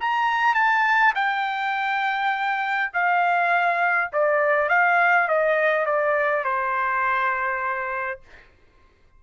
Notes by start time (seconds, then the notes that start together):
0.00 A#5
0.54 A5
1.14 G5
2.93 F5
4.12 D5
4.69 F5
5.28 D#5
5.85 D5
6.44 C5